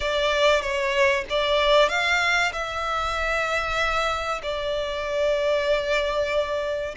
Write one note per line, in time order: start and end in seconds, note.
0.00 0.61 D5
0.61 1.24 C#5
1.29 1.89 D5
1.89 2.52 F5
2.52 4.41 E5
4.42 6.95 D5